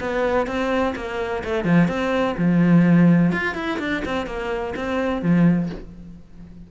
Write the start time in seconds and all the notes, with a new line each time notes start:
0.00 B3
0.47 C4
0.95 A#3
1.44 A3
1.65 F3
1.88 C4
2.37 F3
3.32 F4
3.55 E4
3.79 D4
4.05 C4
4.26 A#3
4.76 C4
5.22 F3